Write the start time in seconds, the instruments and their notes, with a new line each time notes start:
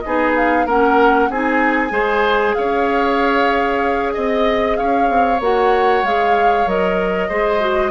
0.00 bassoon B3, clarinet D#4, oboe G#4, flute D#5
0.36 flute F5
0.66 bassoon A#3, clarinet C#4, oboe A#4, flute F#5
1.29 bassoon C4, clarinet D#4, oboe G#4, flute G#5
1.90 bassoon G#3, clarinet G#4, oboe C5
2.54 bassoon C#4, oboe C#5, flute F5
4.14 bassoon C4, flute D#5, oboe D#5
4.77 bassoon C#4, oboe C#5, flute F5
5.09 bassoon C4
5.40 bassoon A#3, clarinet F#4, flute F#5
6.03 bassoon G#3, clarinet G#4, flute F5
6.66 bassoon F#3, clarinet A#4, flute D#5
7.28 bassoon G#3, clarinet G#4, oboe C5
7.60 clarinet F#4